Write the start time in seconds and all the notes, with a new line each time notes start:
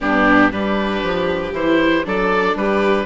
0.00 G2 B3 D4 G4
0.51 G3 D4 G4 B4
1.02 F3
1.52 E3 E4 C5
2.04 F#3 D4 A4 D5
2.55 G3 G4 B4